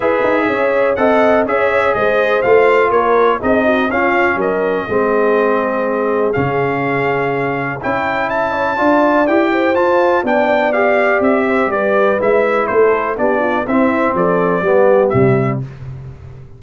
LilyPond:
<<
  \new Staff \with { instrumentName = "trumpet" } { \time 4/4 \tempo 4 = 123 e''2 fis''4 e''4 | dis''4 f''4 cis''4 dis''4 | f''4 dis''2.~ | dis''4 f''2. |
g''4 a''2 g''4 | a''4 g''4 f''4 e''4 | d''4 e''4 c''4 d''4 | e''4 d''2 e''4 | }
  \new Staff \with { instrumentName = "horn" } { \time 4/4 b'4 cis''4 dis''4 cis''4 | c''2 ais'4 gis'8 fis'8 | f'4 ais'4 gis'2~ | gis'1 |
cis''4 e''8 cis''8 d''4. c''8~ | c''4 d''2~ d''8 c''8 | b'2 a'4 g'8 f'8 | e'4 a'4 g'2 | }
  \new Staff \with { instrumentName = "trombone" } { \time 4/4 gis'2 a'4 gis'4~ | gis'4 f'2 dis'4 | cis'2 c'2~ | c'4 cis'2. |
e'2 f'4 g'4 | f'4 d'4 g'2~ | g'4 e'2 d'4 | c'2 b4 g4 | }
  \new Staff \with { instrumentName = "tuba" } { \time 4/4 e'8 dis'8 cis'4 c'4 cis'4 | gis4 a4 ais4 c'4 | cis'4 fis4 gis2~ | gis4 cis2. |
cis'2 d'4 e'4 | f'4 b2 c'4 | g4 gis4 a4 b4 | c'4 f4 g4 c4 | }
>>